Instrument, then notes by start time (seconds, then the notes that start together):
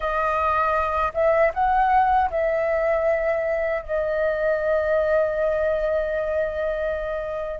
flute
0.00 D#5
1.14 E5
1.54 F#5
2.30 E5
3.82 D#5